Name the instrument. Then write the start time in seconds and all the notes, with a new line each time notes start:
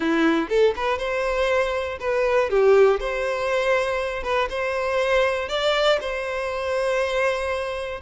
violin
0.00 E4
0.49 A4
0.75 B4
0.98 C5
2.00 B4
2.50 G4
3.00 C5
4.23 B4
4.49 C5
5.48 D5
6.00 C5